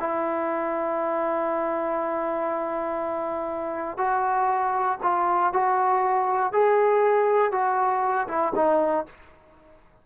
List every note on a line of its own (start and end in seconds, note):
0.00 3.98 E4
3.98 4.99 F#4
5.03 5.53 F4
5.53 6.53 F#4
6.53 7.52 G#4
7.52 8.28 F#4
8.28 8.53 E4
8.56 9.06 D#4